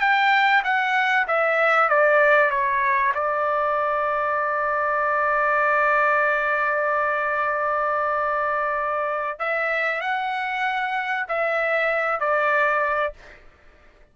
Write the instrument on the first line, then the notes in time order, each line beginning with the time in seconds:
trumpet
0.00 G5
0.64 F#5
1.27 E5
1.89 D5
2.50 C#5
3.14 D5
9.39 E5
10.01 F#5
11.28 E5
12.20 D5